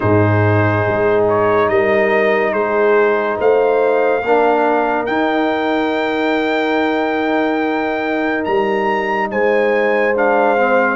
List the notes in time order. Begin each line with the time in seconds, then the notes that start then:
0.00 G#2 D#4 G#4 C5
0.87 G#3
1.28 C#5
1.68 G3 A#4 D#5
2.52 G#3 G#4 C5
3.37 A3 C5 F5
4.21 A#3 D4 A#4
5.05 D#4 G5
8.44 G3 A#5
9.30 G#3 C5 G#5
10.15 D4 F5
10.57 C4